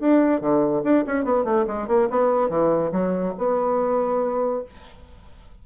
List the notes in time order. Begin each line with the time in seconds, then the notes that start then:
0.00 D4
0.41 D3
0.84 D4
1.06 C#4
1.24 B3
1.44 A3
1.67 G#3
1.88 A#3
2.10 B3
2.49 E3
2.92 F#3
3.38 B3